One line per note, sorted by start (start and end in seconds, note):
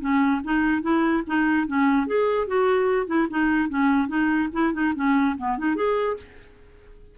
0.00 0.41 C#4
0.44 0.82 D#4
0.82 1.23 E4
1.27 1.67 D#4
1.67 2.07 C#4
2.07 2.47 G#4
2.47 3.07 F#4
3.07 3.27 E4
3.30 3.69 D#4
3.69 4.08 C#4
4.08 4.49 D#4
4.53 4.73 E4
4.73 4.94 D#4
4.95 5.36 C#4
5.38 5.58 B3
5.58 5.75 D#4
5.75 6.16 G#4